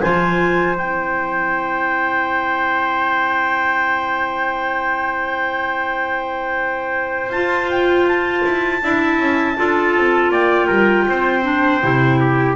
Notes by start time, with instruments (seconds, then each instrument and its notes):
0.00 double bass F3, clarinet F4 G#5, trumpet C5
0.76 double bass C4, clarinet E4 G5
7.29 double bass F4, clarinet F4 A5
7.69 clarinet G5
8.07 clarinet A5
8.44 double bass E4
8.82 double bass D4, clarinet E4, trumpet E5
9.19 double bass C#4
9.57 double bass D4, clarinet F4, trumpet A4
9.96 double bass C4
10.30 double bass A#3, trumpet D5, clarinet G5
10.67 double bass G3, trumpet A#4
11.08 double bass C4, trumpet C5
11.43 clarinet D4
11.82 double bass C3, clarinet E4
12.20 trumpet G4